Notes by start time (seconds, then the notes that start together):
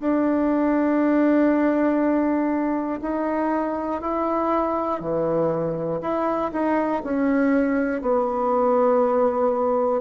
0.00 D4
3.02 D#4
4.01 E4
5.00 E3
6.01 E4
6.52 D#4
7.03 C#4
8.01 B3